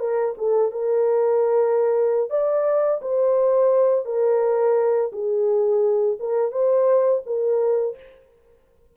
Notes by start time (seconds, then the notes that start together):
0.00 A#4
0.38 A4
0.72 A#4
2.31 D5
3.02 C5
4.06 A#4
5.13 G#4
6.20 A#4
6.52 C5
7.26 A#4